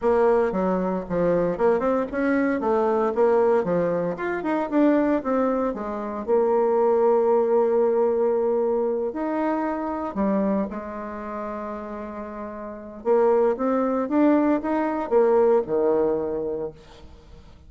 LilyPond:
\new Staff \with { instrumentName = "bassoon" } { \time 4/4 \tempo 4 = 115 ais4 fis4 f4 ais8 c'8 | cis'4 a4 ais4 f4 | f'8 dis'8 d'4 c'4 gis4 | ais1~ |
ais4. dis'2 g8~ | g8 gis2.~ gis8~ | gis4 ais4 c'4 d'4 | dis'4 ais4 dis2 | }